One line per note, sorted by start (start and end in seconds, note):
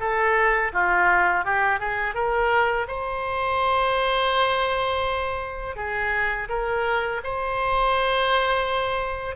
0.00 0.72 A4
0.73 1.45 F4
1.45 1.80 G4
1.80 2.14 G#4
2.14 2.87 A#4
2.88 5.76 C5
5.76 6.48 G#4
6.49 7.21 A#4
7.24 9.36 C5